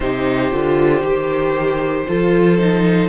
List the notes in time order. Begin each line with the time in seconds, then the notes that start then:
0.00 C3 D#4 G4 C5
0.50 D3 F4
1.01 D#3 G4
2.07 F3 F4 A4
2.58 D#4